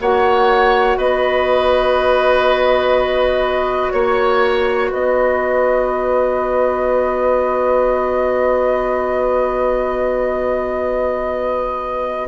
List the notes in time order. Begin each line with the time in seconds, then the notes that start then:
0.00 A#3 F#4 C#5 F#5
0.97 B3 B4 D#5
3.91 A#3 C#5
4.91 B3 B4 D#5